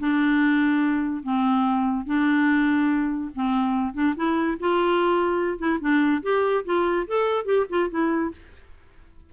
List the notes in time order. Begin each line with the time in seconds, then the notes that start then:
0.00 D4
1.24 C4
2.06 D4
3.35 C4
3.94 D4
4.17 E4
4.60 F4
5.59 E4
5.81 D4
6.23 G4
6.66 F4
7.08 A4
7.46 G4
7.70 F4
7.91 E4